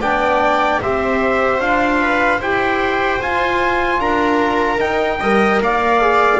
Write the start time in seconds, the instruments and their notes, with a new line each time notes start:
0.00 double bass B3, trombone D4, viola D5, trumpet G5
0.82 double bass C4, trombone G4, viola C5, trumpet E5
1.60 double bass D4, trombone F4, trumpet F5
2.02 viola B4
2.38 double bass E4, trombone G4, viola C5, trumpet G5
3.21 double bass F4, trombone F4, trumpet G#5
3.99 double bass D4, viola A#4, trumpet A#5
4.78 trombone D#4, double bass D#4, trumpet G5
5.20 double bass G3, trombone A#4, viola D#5
5.61 double bass A#3, viola D5, trumpet F5
6.01 trombone G#4